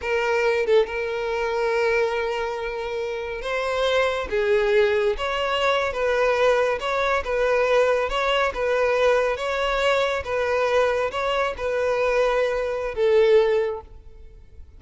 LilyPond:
\new Staff \with { instrumentName = "violin" } { \time 4/4 \tempo 4 = 139 ais'4. a'8 ais'2~ | ais'1 | c''2 gis'2 | cis''4.~ cis''16 b'2 cis''16~ |
cis''8. b'2 cis''4 b'16~ | b'4.~ b'16 cis''2 b'16~ | b'4.~ b'16 cis''4 b'4~ b'16~ | b'2 a'2 | }